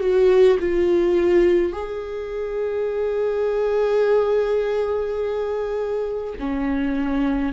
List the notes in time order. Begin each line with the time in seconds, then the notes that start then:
0.00 F#4
0.60 F4
1.73 G#4
6.39 C#4